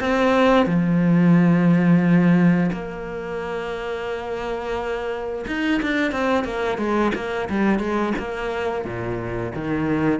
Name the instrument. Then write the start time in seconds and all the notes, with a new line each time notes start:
cello
0.00 C4
0.66 F3
2.72 A#3
5.47 D#4
5.82 D4
6.11 C4
6.44 A#3
6.78 G#3
7.14 A#3
7.49 G3
7.79 G#3
8.18 A#3
8.85 A#2
9.55 D#3